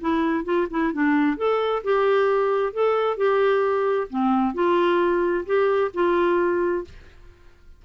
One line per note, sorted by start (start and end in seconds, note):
0.00 0.44 E4
0.44 0.67 F4
0.70 0.93 E4
0.93 1.37 D4
1.37 1.82 A4
1.83 2.73 G4
2.73 3.17 A4
3.17 4.07 G4
4.10 4.54 C4
4.54 5.45 F4
5.45 5.91 G4
5.93 6.84 F4